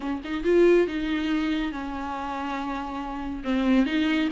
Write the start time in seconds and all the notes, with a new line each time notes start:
0.00 C#4
0.24 D#4
0.44 F4
0.87 D#4
1.71 C#4
3.44 C4
3.86 D#4